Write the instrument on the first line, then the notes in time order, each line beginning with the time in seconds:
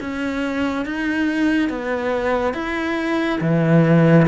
cello
0.00 C#4
0.85 D#4
1.69 B3
2.54 E4
3.41 E3